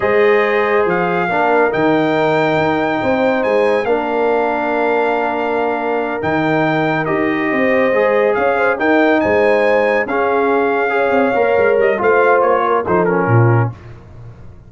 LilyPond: <<
  \new Staff \with { instrumentName = "trumpet" } { \time 4/4 \tempo 4 = 140 dis''2 f''2 | g''1 | gis''4 f''2.~ | f''2~ f''8 g''4.~ |
g''8 dis''2. f''8~ | f''8 g''4 gis''2 f''8~ | f''2.~ f''8 dis''8 | f''4 cis''4 c''8 ais'4. | }
  \new Staff \with { instrumentName = "horn" } { \time 4/4 c''2. ais'4~ | ais'2. c''4~ | c''4 ais'2.~ | ais'1~ |
ais'4. c''2 cis''8 | c''8 ais'4 c''2 gis'8~ | gis'4. cis''2~ cis''8 | c''4. ais'8 a'4 f'4 | }
  \new Staff \with { instrumentName = "trombone" } { \time 4/4 gis'2. d'4 | dis'1~ | dis'4 d'2.~ | d'2~ d'8 dis'4.~ |
dis'8 g'2 gis'4.~ | gis'8 dis'2. cis'8~ | cis'4. gis'4 ais'4. | f'2 dis'8 cis'4. | }
  \new Staff \with { instrumentName = "tuba" } { \time 4/4 gis2 f4 ais4 | dis2 dis'4 c'4 | gis4 ais2.~ | ais2~ ais8 dis4.~ |
dis8 dis'4 c'4 gis4 cis'8~ | cis'8 dis'4 gis2 cis'8~ | cis'2 c'8 ais8 gis8 g8 | a4 ais4 f4 ais,4 | }
>>